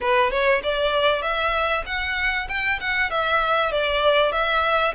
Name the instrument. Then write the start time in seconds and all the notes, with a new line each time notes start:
violin
0.00 B4
0.30 C#5
0.63 D5
1.22 E5
1.86 F#5
2.48 G5
2.80 F#5
3.10 E5
3.71 D5
4.32 E5